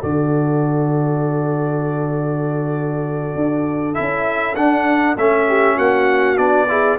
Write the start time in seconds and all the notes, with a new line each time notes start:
0.00 D3 F#4 A4 D5
3.35 D4
3.94 C#4 E4 E5
4.55 D4 F#5
5.16 A3 C#4 E5
5.48 G4
5.76 A#3 F#4 F#5
6.37 B3 D4 D5
6.68 E4 G#4